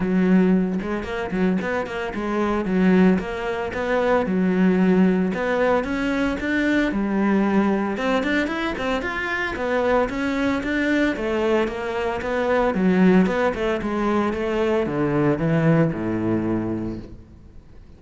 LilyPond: \new Staff \with { instrumentName = "cello" } { \time 4/4 \tempo 4 = 113 fis4. gis8 ais8 fis8 b8 ais8 | gis4 fis4 ais4 b4 | fis2 b4 cis'4 | d'4 g2 c'8 d'8 |
e'8 c'8 f'4 b4 cis'4 | d'4 a4 ais4 b4 | fis4 b8 a8 gis4 a4 | d4 e4 a,2 | }